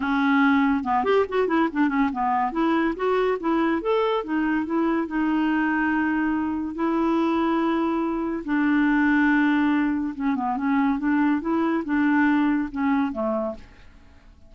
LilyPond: \new Staff \with { instrumentName = "clarinet" } { \time 4/4 \tempo 4 = 142 cis'2 b8 g'8 fis'8 e'8 | d'8 cis'8 b4 e'4 fis'4 | e'4 a'4 dis'4 e'4 | dis'1 |
e'1 | d'1 | cis'8 b8 cis'4 d'4 e'4 | d'2 cis'4 a4 | }